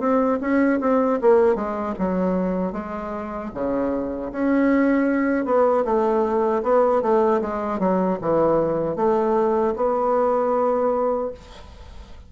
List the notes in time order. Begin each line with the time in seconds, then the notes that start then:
0.00 C4
0.41 C#4
0.80 C4
1.21 A#3
1.55 G#3
1.99 F#3
2.73 G#3
3.54 C#3
4.32 C#4
5.45 B3
5.85 A3
6.63 B3
7.02 A3
7.41 G#3
7.80 F#3
8.21 E3
8.96 A3
9.76 B3